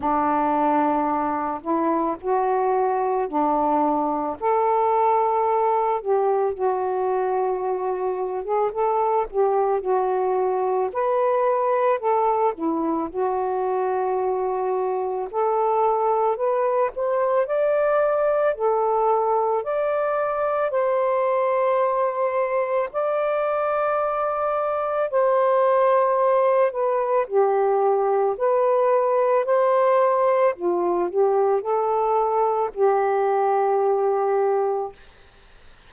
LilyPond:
\new Staff \with { instrumentName = "saxophone" } { \time 4/4 \tempo 4 = 55 d'4. e'8 fis'4 d'4 | a'4. g'8 fis'4.~ fis'16 gis'16 | a'8 g'8 fis'4 b'4 a'8 e'8 | fis'2 a'4 b'8 c''8 |
d''4 a'4 d''4 c''4~ | c''4 d''2 c''4~ | c''8 b'8 g'4 b'4 c''4 | f'8 g'8 a'4 g'2 | }